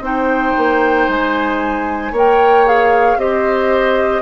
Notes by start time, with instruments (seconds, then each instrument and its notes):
0.00 bassoon C4, clarinet D#4, oboe C5, flute G5
0.57 bassoon A#3
1.08 bassoon G#3, flute G#5
2.12 bassoon A#3, clarinet A#4, oboe C#5
2.18 flute G5
2.66 clarinet G#4, flute F5
3.17 bassoon C4, clarinet G4, oboe C5, flute D#5